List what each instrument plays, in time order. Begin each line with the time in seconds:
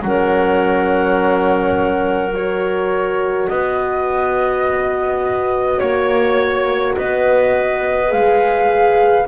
0.00 double bass F#3, horn C#4, clarinet A#4, flute F#5
2.33 horn F#4, flute C#5
3.48 double bass B3, clarinet B4, flute D#5
5.77 double bass A#3, clarinet C#5, flute C#5
6.96 double bass B3, clarinet B4, flute D#5
8.07 double bass G#3, horn G#4, flute F5